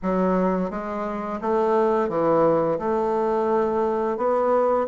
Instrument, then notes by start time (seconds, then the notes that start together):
bassoon
0.02 F#3
0.70 G#3
1.41 A3
2.08 E3
2.78 A3
4.17 B3